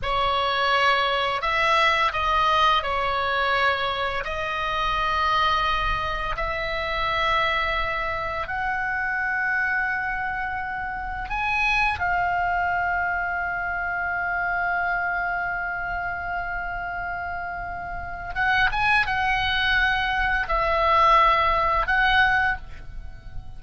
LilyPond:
\new Staff \with { instrumentName = "oboe" } { \time 4/4 \tempo 4 = 85 cis''2 e''4 dis''4 | cis''2 dis''2~ | dis''4 e''2. | fis''1 |
gis''4 f''2.~ | f''1~ | f''2 fis''8 gis''8 fis''4~ | fis''4 e''2 fis''4 | }